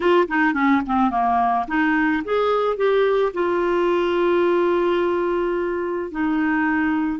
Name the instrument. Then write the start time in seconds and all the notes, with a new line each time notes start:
clarinet
0.00 F4
0.28 D#4
0.53 C#4
0.86 C4
1.10 A#3
1.67 D#4
2.24 G#4
2.76 G4
3.33 F4
6.11 D#4